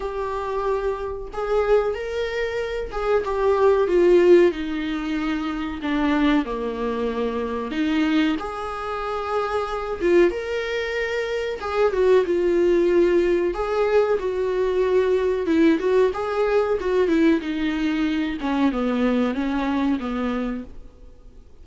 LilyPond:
\new Staff \with { instrumentName = "viola" } { \time 4/4 \tempo 4 = 93 g'2 gis'4 ais'4~ | ais'8 gis'8 g'4 f'4 dis'4~ | dis'4 d'4 ais2 | dis'4 gis'2~ gis'8 f'8 |
ais'2 gis'8 fis'8 f'4~ | f'4 gis'4 fis'2 | e'8 fis'8 gis'4 fis'8 e'8 dis'4~ | dis'8 cis'8 b4 cis'4 b4 | }